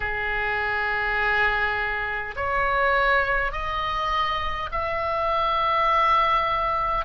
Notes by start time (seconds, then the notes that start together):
0.00 G#4
2.35 C#5
3.51 D#5
4.71 E5